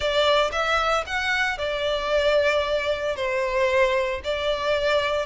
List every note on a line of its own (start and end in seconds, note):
0.00 0.50 D5
0.51 1.04 E5
1.06 1.58 F#5
1.58 3.16 D5
3.16 4.21 C5
4.24 5.26 D5